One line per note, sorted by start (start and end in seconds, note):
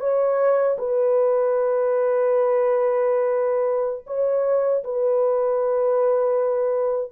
0.00 0.77 C#5
0.78 4.05 B4
4.07 4.84 C#5
4.84 7.12 B4